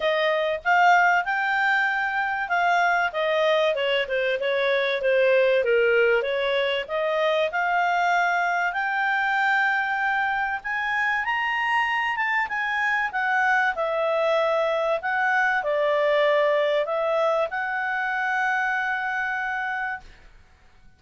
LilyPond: \new Staff \with { instrumentName = "clarinet" } { \time 4/4 \tempo 4 = 96 dis''4 f''4 g''2 | f''4 dis''4 cis''8 c''8 cis''4 | c''4 ais'4 cis''4 dis''4 | f''2 g''2~ |
g''4 gis''4 ais''4. a''8 | gis''4 fis''4 e''2 | fis''4 d''2 e''4 | fis''1 | }